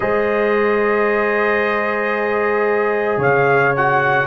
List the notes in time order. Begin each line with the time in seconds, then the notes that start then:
0.00 G#3 G#4 C5 D#5
3.17 C#3 C#5 F5
3.76 F#4 F#5